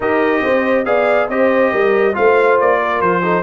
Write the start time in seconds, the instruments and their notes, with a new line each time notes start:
0.00 tuba D#4, trombone G4, horn A#4, trumpet D#5
0.42 tuba C4, horn C5
0.85 tuba B3, trombone G#4, horn D5, trumpet F5
1.28 tuba C4, trombone G4, horn C5, trumpet D#5
1.72 tuba G3, horn A#4
2.13 tuba A3, trombone F4, horn C5, trumpet F5
2.60 tuba A#3, trumpet D5
2.81 horn A#4
3.01 tuba F3, trumpet C5
3.21 trombone D#4, horn A4